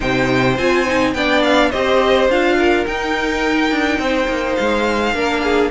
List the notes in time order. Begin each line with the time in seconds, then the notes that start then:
0.00 C3 D#4 C5 G5
0.57 C4 F4 G#5
0.86 D#4
1.13 B3 D4 D5 G5
1.43 F5
1.70 C4 G4 C5 D#5
2.28 D4 F4 F5
2.58 A#4
2.85 D#4 G5
3.71 D4
3.98 C4 C5
4.28 A#3
4.55 G#3 F5
5.13 A#3 D4 A#4
5.43 G#4